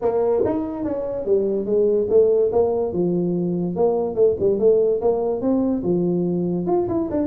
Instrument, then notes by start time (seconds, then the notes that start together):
tuba
0.01 A#3
0.45 D#4
0.84 C#4
1.25 G3
1.65 G#3
2.09 A3
2.52 A#3
2.92 F3
3.75 A#3
4.15 A3
4.39 G3
4.59 A3
5.01 A#3
5.41 C4
5.83 F3
6.66 F4
6.88 E4
7.10 D4